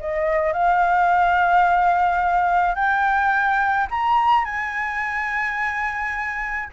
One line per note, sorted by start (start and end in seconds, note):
0.00 0.53 D#5
0.53 2.76 F5
2.76 3.88 G5
3.91 4.45 A#5
4.45 6.70 G#5